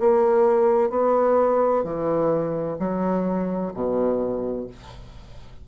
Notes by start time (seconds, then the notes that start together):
0.00 A#3
0.90 B3
1.85 E3
2.80 F#3
3.74 B2